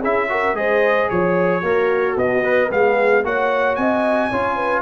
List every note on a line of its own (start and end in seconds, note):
0.00 0.54 C#4
0.00 0.29 E4
0.00 0.27 G#4
0.00 0.56 E5
0.29 0.55 F#4
0.29 0.57 A#4
0.54 1.07 G#3
0.54 1.62 G#4
0.54 1.11 C5
0.54 1.09 D#5
1.09 1.62 F3
1.09 2.17 C#5
1.09 1.61 C#5
1.61 2.16 A#3
1.61 2.69 F#4
1.61 2.18 A#4
2.16 2.43 B2
2.16 2.70 B3
2.16 2.71 D#5
2.43 2.69 B4
2.69 3.24 G#3
2.69 3.23 B3
2.69 3.24 G#4
2.69 3.25 F5
3.24 3.77 A#3
3.24 4.31 F#4
3.24 3.79 C#5
3.24 3.75 F#5
3.75 4.31 C4
3.75 4.29 D#5
3.75 4.82 G#5
4.29 4.82 C#4
4.29 4.82 F4
4.29 4.56 C#5
4.56 4.82 B4